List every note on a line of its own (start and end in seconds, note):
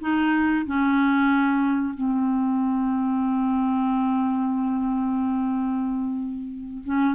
0.00 0.65 D#4
0.66 1.94 C#4
1.94 6.83 C4
6.85 7.14 C#4